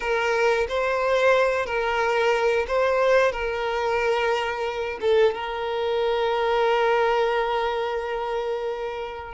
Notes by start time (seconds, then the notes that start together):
0.00 A#4
0.68 C5
1.65 A#4
2.67 C5
3.32 A#4
5.01 A4
5.34 A#4